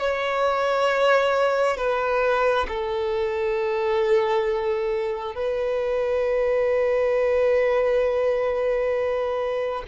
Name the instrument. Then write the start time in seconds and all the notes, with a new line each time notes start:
violin
0.00 C#5
1.77 B4
2.69 A4
5.35 B4